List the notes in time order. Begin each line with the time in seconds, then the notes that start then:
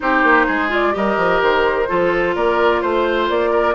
0.00 C4 D#4 G4 C5
0.23 A#3
0.46 G#3 G#4
0.69 F4 D5
0.92 G3 G4 A#4 D#5
1.17 F3
1.41 D#3 C5
1.88 F3 F4 A4
2.35 A#3 A#4 D5
2.81 A3 C5
3.29 A#3 D5
3.50 A#4